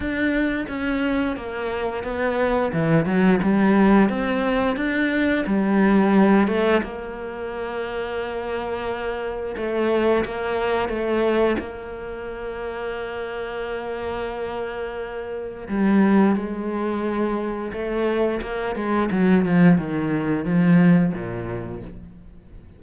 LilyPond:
\new Staff \with { instrumentName = "cello" } { \time 4/4 \tempo 4 = 88 d'4 cis'4 ais4 b4 | e8 fis8 g4 c'4 d'4 | g4. a8 ais2~ | ais2 a4 ais4 |
a4 ais2.~ | ais2. g4 | gis2 a4 ais8 gis8 | fis8 f8 dis4 f4 ais,4 | }